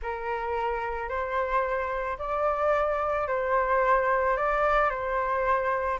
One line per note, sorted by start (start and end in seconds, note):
0.02 1.08 A#4
1.08 2.17 C5
2.18 3.27 D5
3.27 4.36 C5
4.36 4.90 D5
4.90 5.99 C5